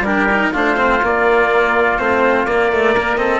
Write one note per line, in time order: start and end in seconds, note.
0.00 0.48 G3
0.00 0.29 D4
0.00 0.52 G4
0.00 0.53 A#4
0.31 0.54 D#4
0.52 1.02 A3
0.52 0.76 D4
0.52 2.94 F4
0.52 1.05 C5
0.76 1.00 C4
1.02 1.98 A#3
1.02 1.98 D5
1.98 2.46 A3
1.98 2.47 C4
1.98 2.46 C5
2.46 3.40 A#3
2.46 2.72 A#3
2.46 3.17 D5
2.72 2.96 A3
2.94 3.17 A#3
2.94 3.18 A#4
3.17 3.40 C4
3.17 3.40 A4
3.17 3.40 D#5